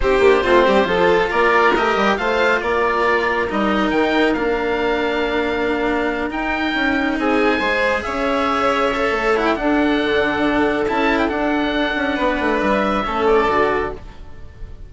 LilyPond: <<
  \new Staff \with { instrumentName = "oboe" } { \time 4/4 \tempo 4 = 138 c''2. d''4 | dis''4 f''4 d''2 | dis''4 g''4 f''2~ | f''2~ f''8 g''4.~ |
g''8 gis''2 e''4.~ | e''4. fis''16 g''16 fis''2~ | fis''4 a''8. g''16 fis''2~ | fis''4 e''4. d''4. | }
  \new Staff \with { instrumentName = "violin" } { \time 4/4 g'4 f'8 g'8 a'4 ais'4~ | ais'4 c''4 ais'2~ | ais'1~ | ais'1~ |
ais'8 gis'4 c''4 cis''4.~ | cis''2 a'2~ | a'1 | b'2 a'2 | }
  \new Staff \with { instrumentName = "cello" } { \time 4/4 dis'8 d'8 c'4 f'2 | g'4 f'2. | dis'2 d'2~ | d'2~ d'8 dis'4.~ |
dis'4. gis'2~ gis'8~ | gis'8 a'4 e'8 d'2~ | d'4 e'4 d'2~ | d'2 cis'4 fis'4 | }
  \new Staff \with { instrumentName = "bassoon" } { \time 4/4 c'8 ais8 a8 g8 f4 ais4 | a8 g8 a4 ais2 | g4 dis4 ais2~ | ais2~ ais8 dis'4 cis'8~ |
cis'8 c'4 gis4 cis'4.~ | cis'4 a4 d'4 d4~ | d4 cis'4 d'4. cis'8 | b8 a8 g4 a4 d4 | }
>>